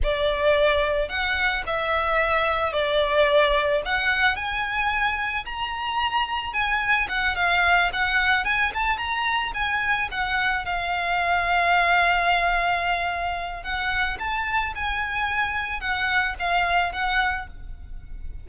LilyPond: \new Staff \with { instrumentName = "violin" } { \time 4/4 \tempo 4 = 110 d''2 fis''4 e''4~ | e''4 d''2 fis''4 | gis''2 ais''2 | gis''4 fis''8 f''4 fis''4 gis''8 |
a''8 ais''4 gis''4 fis''4 f''8~ | f''1~ | f''4 fis''4 a''4 gis''4~ | gis''4 fis''4 f''4 fis''4 | }